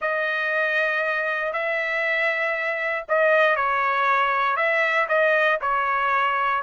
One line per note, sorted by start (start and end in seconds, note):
0.01 1.52 D#5
1.52 3.05 E5
3.08 3.55 D#5
3.55 4.56 C#5
4.56 5.07 E5
5.08 5.59 D#5
5.61 6.62 C#5